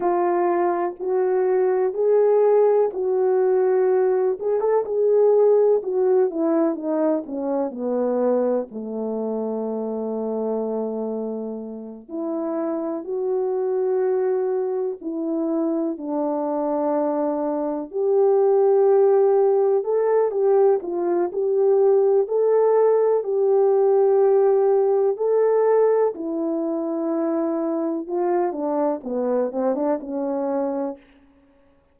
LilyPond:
\new Staff \with { instrumentName = "horn" } { \time 4/4 \tempo 4 = 62 f'4 fis'4 gis'4 fis'4~ | fis'8 gis'16 a'16 gis'4 fis'8 e'8 dis'8 cis'8 | b4 a2.~ | a8 e'4 fis'2 e'8~ |
e'8 d'2 g'4.~ | g'8 a'8 g'8 f'8 g'4 a'4 | g'2 a'4 e'4~ | e'4 f'8 d'8 b8 c'16 d'16 cis'4 | }